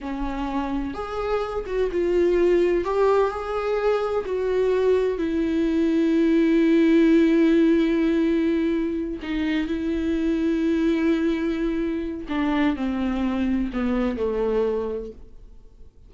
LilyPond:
\new Staff \with { instrumentName = "viola" } { \time 4/4 \tempo 4 = 127 cis'2 gis'4. fis'8 | f'2 g'4 gis'4~ | gis'4 fis'2 e'4~ | e'1~ |
e'2.~ e'8 dis'8~ | dis'8 e'2.~ e'8~ | e'2 d'4 c'4~ | c'4 b4 a2 | }